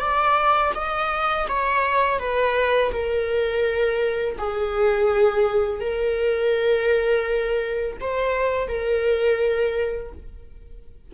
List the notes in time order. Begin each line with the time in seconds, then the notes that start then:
0.00 D5
0.75 D#5
1.49 C#5
2.20 B4
2.92 A#4
4.38 G#4
5.81 A#4
8.01 C5
8.68 A#4